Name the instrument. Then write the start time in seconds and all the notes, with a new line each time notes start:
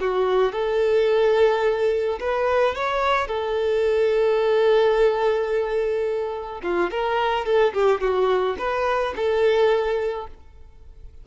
violin
0.00 F#4
0.52 A4
2.20 B4
2.75 C#5
3.27 A4
6.63 F4
6.90 A#4
7.45 A4
7.73 G4
8.01 F#4
8.58 B4
9.16 A4